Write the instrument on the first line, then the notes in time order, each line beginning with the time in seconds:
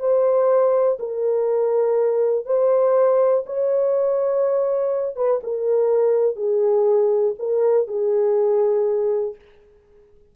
horn
0.00 C5
0.99 A#4
2.46 C5
3.46 C#5
5.16 B4
5.44 A#4
6.36 G#4
7.39 A#4
7.88 G#4